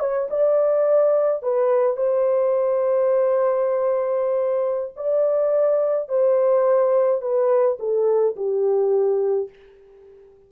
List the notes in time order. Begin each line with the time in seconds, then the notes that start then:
0.00 C#5
0.30 D5
1.43 B4
1.97 C5
4.96 D5
6.09 C5
7.21 B4
7.79 A4
8.36 G4